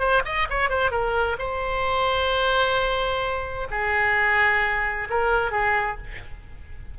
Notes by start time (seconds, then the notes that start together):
0.00 C5
0.25 D#5
0.50 C#5
0.70 C5
0.91 A#4
1.39 C5
3.71 G#4
5.10 A#4
5.52 G#4